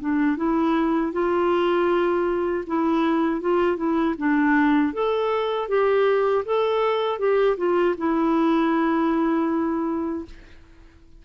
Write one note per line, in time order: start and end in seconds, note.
0.00 0.37 D4
0.37 1.12 E4
1.12 2.64 F4
2.67 3.41 E4
3.41 3.77 F4
3.77 4.15 E4
4.18 4.93 D4
4.93 5.68 A4
5.68 6.44 G4
6.45 7.19 A4
7.19 7.57 G4
7.57 7.95 F4
7.97 10.25 E4